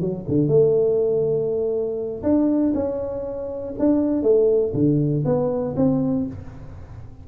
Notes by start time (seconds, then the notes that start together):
0.00 F#3
0.28 D3
0.47 A3
2.23 D4
2.74 C#4
3.79 D4
4.22 A3
4.74 D3
5.25 B3
5.76 C4